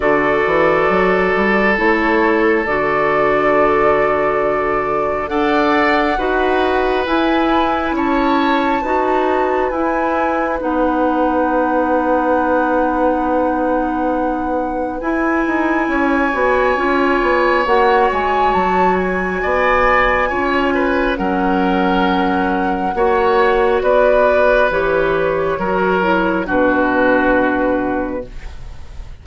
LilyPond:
<<
  \new Staff \with { instrumentName = "flute" } { \time 4/4 \tempo 4 = 68 d''2 cis''4 d''4~ | d''2 fis''2 | gis''4 a''2 gis''4 | fis''1~ |
fis''4 gis''2. | fis''8 gis''8 a''8 gis''2~ gis''8 | fis''2. d''4 | cis''2 b'2 | }
  \new Staff \with { instrumentName = "oboe" } { \time 4/4 a'1~ | a'2 d''4 b'4~ | b'4 cis''4 b'2~ | b'1~ |
b'2 cis''2~ | cis''2 d''4 cis''8 b'8 | ais'2 cis''4 b'4~ | b'4 ais'4 fis'2 | }
  \new Staff \with { instrumentName = "clarinet" } { \time 4/4 fis'2 e'4 fis'4~ | fis'2 a'4 fis'4 | e'2 fis'4 e'4 | dis'1~ |
dis'4 e'4. fis'8 f'4 | fis'2. f'4 | cis'2 fis'2 | g'4 fis'8 e'8 d'2 | }
  \new Staff \with { instrumentName = "bassoon" } { \time 4/4 d8 e8 fis8 g8 a4 d4~ | d2 d'4 dis'4 | e'4 cis'4 dis'4 e'4 | b1~ |
b4 e'8 dis'8 cis'8 b8 cis'8 b8 | ais8 gis8 fis4 b4 cis'4 | fis2 ais4 b4 | e4 fis4 b,2 | }
>>